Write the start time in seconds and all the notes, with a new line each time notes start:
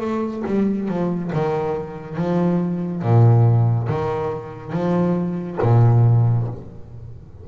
0.00 A3
0.46 G3
0.88 F3
1.32 D#3
2.16 F3
3.02 A#2
3.88 D#3
4.72 F3
5.61 A#2